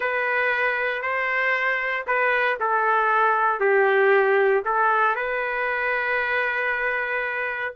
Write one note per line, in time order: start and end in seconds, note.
0.00 1.02 B4
1.02 2.05 C5
2.06 2.58 B4
2.60 3.60 A4
3.60 4.63 G4
4.64 5.15 A4
5.15 7.74 B4